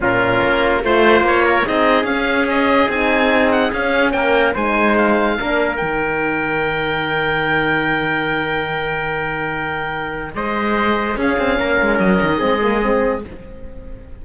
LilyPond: <<
  \new Staff \with { instrumentName = "oboe" } { \time 4/4 \tempo 4 = 145 ais'2 c''4 cis''4 | dis''4 f''4 dis''4 gis''4~ | gis''8 fis''8 f''4 g''4 gis''4 | f''2 g''2~ |
g''1~ | g''1~ | g''4 dis''2 f''4~ | f''4 dis''2. | }
  \new Staff \with { instrumentName = "trumpet" } { \time 4/4 f'2 c''4. ais'8 | gis'1~ | gis'2 ais'4 c''4~ | c''4 ais'2.~ |
ais'1~ | ais'1~ | ais'4 c''2 gis'4 | ais'2 gis'2 | }
  \new Staff \with { instrumentName = "horn" } { \time 4/4 cis'2 f'2 | dis'4 cis'2 dis'4~ | dis'4 cis'2 dis'4~ | dis'4 d'4 dis'2~ |
dis'1~ | dis'1~ | dis'2. cis'4~ | cis'2 c'8 ais8 c'4 | }
  \new Staff \with { instrumentName = "cello" } { \time 4/4 ais,4 ais4 a4 ais4 | c'4 cis'2 c'4~ | c'4 cis'4 ais4 gis4~ | gis4 ais4 dis2~ |
dis1~ | dis1~ | dis4 gis2 cis'8 c'8 | ais8 gis8 fis8 dis8 gis2 | }
>>